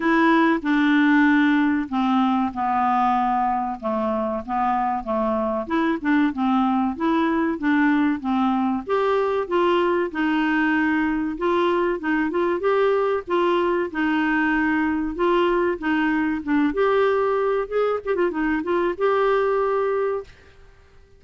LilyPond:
\new Staff \with { instrumentName = "clarinet" } { \time 4/4 \tempo 4 = 95 e'4 d'2 c'4 | b2 a4 b4 | a4 e'8 d'8 c'4 e'4 | d'4 c'4 g'4 f'4 |
dis'2 f'4 dis'8 f'8 | g'4 f'4 dis'2 | f'4 dis'4 d'8 g'4. | gis'8 g'16 f'16 dis'8 f'8 g'2 | }